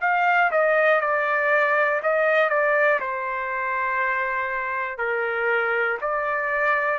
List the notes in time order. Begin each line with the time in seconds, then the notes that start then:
0.00 F5
0.51 D#5
1.00 D5
2.03 D#5
2.49 D5
3.00 C5
4.98 A#4
6.01 D5